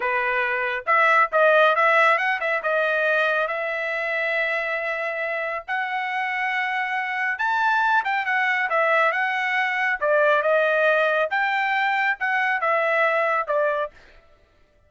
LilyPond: \new Staff \with { instrumentName = "trumpet" } { \time 4/4 \tempo 4 = 138 b'2 e''4 dis''4 | e''4 fis''8 e''8 dis''2 | e''1~ | e''4 fis''2.~ |
fis''4 a''4. g''8 fis''4 | e''4 fis''2 d''4 | dis''2 g''2 | fis''4 e''2 d''4 | }